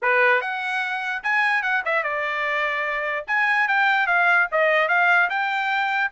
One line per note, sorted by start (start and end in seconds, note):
0.01 0.41 B4
0.41 1.22 F#5
1.23 1.62 G#5
1.62 1.82 F#5
1.85 2.03 E5
2.03 3.25 D5
3.27 3.68 G#5
3.68 4.06 G5
4.06 4.47 F5
4.51 4.88 D#5
4.88 5.29 F5
5.29 6.11 G5